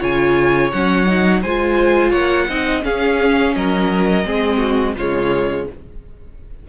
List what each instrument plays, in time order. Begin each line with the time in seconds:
0.00 cello C#3, viola F4, violin C#5 G#5
0.71 cello F#3, viola C#4, violin F#5
1.06 viola D#4
1.42 cello G#3, viola F4, violin C5 G#5
2.11 cello A#3, violin C#5 F#5
2.48 cello C4, viola D#4, violin D#5
2.82 viola C#4, cello C#4, violin G#4 F5
3.55 cello F#3, violin A#4 D#5
4.25 cello G#3, viola C4, violin G#4
4.58 violin F#4
4.96 cello C#3, viola G#3, violin F4 C#5